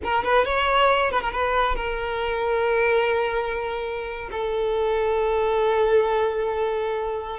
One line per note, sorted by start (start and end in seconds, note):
0.03 0.24 A#4
0.24 0.45 B4
0.45 1.11 C#5
1.11 1.21 B4
1.21 1.31 A#4
1.31 1.75 B4
1.75 4.29 A#4
4.31 7.39 A4